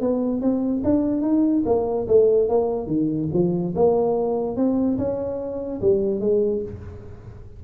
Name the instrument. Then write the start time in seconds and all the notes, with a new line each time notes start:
tuba
0.00 B3
0.41 C4
0.84 D4
1.22 D#4
1.65 A#3
2.07 A3
2.49 A#3
2.87 D#3
3.33 F3
3.75 A#3
4.56 C4
4.98 C#4
5.81 G3
6.20 G#3